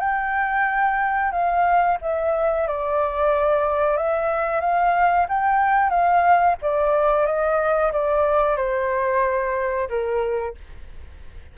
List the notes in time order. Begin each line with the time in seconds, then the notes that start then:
0.00 G5
1.32 F5
2.02 E5
2.68 D5
3.97 E5
4.61 F5
5.29 G5
5.90 F5
6.62 D5
7.26 D#5
7.92 D5
8.57 C5
9.89 A#4